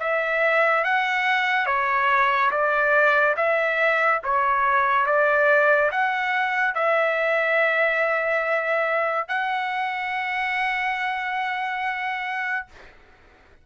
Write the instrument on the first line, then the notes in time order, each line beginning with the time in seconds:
trumpet
0.00 E5
0.84 F#5
1.66 C#5
2.51 D5
3.36 E5
4.24 C#5
5.06 D5
5.92 F#5
6.75 E5
9.28 F#5